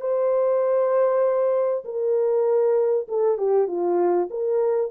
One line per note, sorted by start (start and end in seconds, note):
0.00 1.84 C5
1.84 3.06 A#4
3.08 3.37 A4
3.37 3.67 G4
3.67 4.28 F4
4.30 4.91 A#4